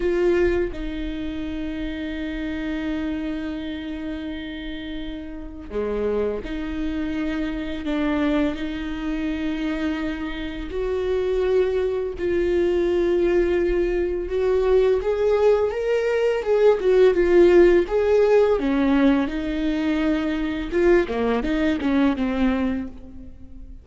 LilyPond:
\new Staff \with { instrumentName = "viola" } { \time 4/4 \tempo 4 = 84 f'4 dis'2.~ | dis'1 | gis4 dis'2 d'4 | dis'2. fis'4~ |
fis'4 f'2. | fis'4 gis'4 ais'4 gis'8 fis'8 | f'4 gis'4 cis'4 dis'4~ | dis'4 f'8 ais8 dis'8 cis'8 c'4 | }